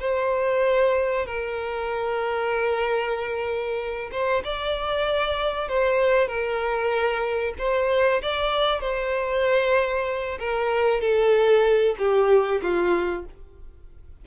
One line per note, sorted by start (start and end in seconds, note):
0.00 1.26 C5
1.26 4.10 A#4
4.12 4.43 C5
4.44 5.68 D5
5.68 6.28 C5
6.28 7.54 A#4
7.58 8.22 C5
8.22 8.80 D5
8.80 10.38 C5
10.39 11.01 A#4
11.01 11.96 A4
11.98 12.61 G4
12.62 13.25 F4